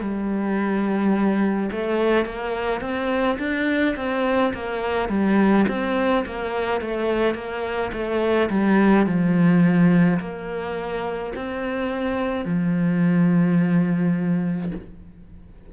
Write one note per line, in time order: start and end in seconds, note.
0.00 1.70 G3
1.71 2.25 A3
2.25 2.80 A#3
2.80 3.37 C4
3.39 3.95 D4
3.96 4.53 C4
4.53 5.09 A#3
5.09 5.66 G3
5.68 6.25 C4
6.26 6.81 A#3
6.81 7.34 A3
7.34 7.91 A#3
7.92 8.49 A3
8.49 9.06 G3
9.06 10.19 F3
10.19 11.33 A#3
11.35 12.45 C4
12.45 14.71 F3